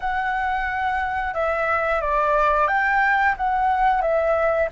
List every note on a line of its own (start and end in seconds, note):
0.00 1.33 F#5
1.34 2.01 E5
2.01 2.67 D5
2.67 3.35 G5
3.37 4.01 F#5
4.01 4.69 E5